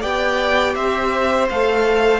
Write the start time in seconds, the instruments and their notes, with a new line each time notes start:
0.00 cello B3, viola G4, violin D5 G5
0.75 cello C4, violin C5 E5
1.49 cello A3, viola A4, violin F5